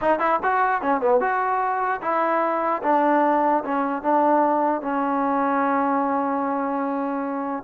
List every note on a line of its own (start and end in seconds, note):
0.01 0.19 D#4
0.19 0.39 E4
0.42 0.81 F#4
0.81 1.00 C#4
1.00 1.20 B3
1.20 2.01 F#4
2.01 2.82 E4
2.82 3.63 D4
3.64 4.02 C#4
4.02 4.81 D4
4.81 7.63 C#4